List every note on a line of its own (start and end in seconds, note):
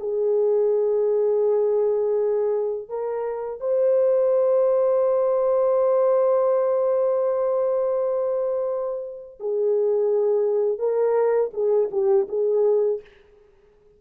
0.00 2.88 G#4
2.88 3.61 A#4
3.61 9.39 C5
9.40 10.79 G#4
10.79 11.51 A#4
11.54 11.90 G#4
11.92 12.28 G4
12.29 13.01 G#4